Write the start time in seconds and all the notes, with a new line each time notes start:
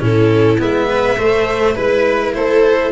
0.00 A2 C#4 E4 A4
0.59 G#3 B3 E5
0.89 B4
1.18 A3 C5
1.75 G#3 E4 B4
2.34 A3 A4 C5